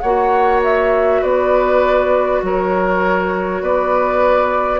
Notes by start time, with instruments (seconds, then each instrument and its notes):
0.00 bassoon A#3, clarinet F#4, oboe C#5, flute F#5
0.64 flute E5
1.22 bassoon B3, oboe B4, flute D5
2.42 bassoon F#3, oboe A#4, flute C#5
3.61 bassoon B3, oboe B4, flute D5